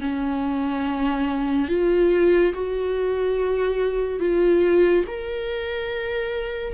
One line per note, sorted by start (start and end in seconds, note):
0.00 1.68 C#4
1.68 2.53 F4
2.54 4.19 F#4
4.19 5.04 F4
5.07 6.73 A#4